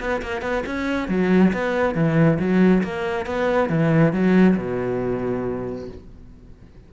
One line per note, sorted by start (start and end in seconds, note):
0.00 0.22 B3
0.22 0.42 A#3
0.42 0.64 B3
0.66 1.09 C#4
1.09 1.52 F#3
1.53 1.95 B3
1.95 2.39 E3
2.39 2.83 F#3
2.83 3.26 A#3
3.26 3.69 B3
3.69 4.13 E3
4.13 4.57 F#3
4.57 5.88 B2